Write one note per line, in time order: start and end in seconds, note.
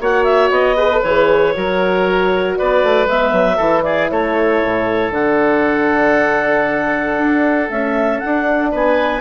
0.00 0.50 A#3
0.00 0.77 F#4
0.00 0.76 C#5
0.00 0.24 F#5
0.24 0.50 E5
0.50 1.01 B3
0.50 1.01 D#5
0.76 0.90 G#4
0.76 1.53 B4
0.91 1.04 A4
1.01 1.54 E3
1.01 1.54 G#4
1.01 2.55 C#5
1.54 2.59 F#3
1.54 3.08 F#4
1.54 2.58 A#4
2.57 2.83 B3
2.57 3.57 B4
2.57 3.08 D5
2.83 3.06 A3
3.06 3.32 G#3
3.06 3.60 B3
3.06 3.83 E5
3.32 3.58 F#3
3.57 4.10 E3
3.57 5.13 E4
3.57 3.82 A4
3.83 4.11 G#4
3.83 4.08 D5
4.10 4.62 A3
4.10 8.71 A4
4.10 5.12 C#5
4.64 5.11 A2
5.11 7.16 D3
5.11 7.69 D4
5.11 7.70 F#5
7.18 7.69 D4
7.69 8.21 A3
7.69 8.22 C#4
7.69 8.19 E5
8.19 9.21 D4
8.19 8.70 F#5
8.25 8.73 D4
8.71 9.21 B3
8.71 9.21 B4
8.71 9.21 G#5